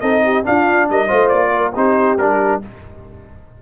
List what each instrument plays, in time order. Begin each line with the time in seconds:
0.00 tuba C4, trombone D#4, horn A4, trumpet D#5
0.24 horn G4
0.44 trombone D4, tuba D4, horn F4, trumpet F5
0.89 tuba G3, horn A#4, trumpet D#5
1.07 tuba A3, trombone F4, horn C5
1.28 tuba A#3, trumpet D5
1.56 horn A#4
1.75 tuba C4, trombone D#4, horn G4, trumpet C5
2.17 tuba G3, trombone D4, trumpet A#4